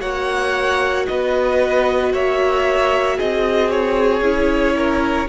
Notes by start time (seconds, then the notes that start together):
0.00 A#3 F#4 C#5 F#5
1.07 B3 B4 D#5
2.13 A#3 C#5 E5
3.17 C4 G#4 D#5
3.70 C#5
4.21 C#4 E4
4.75 A#4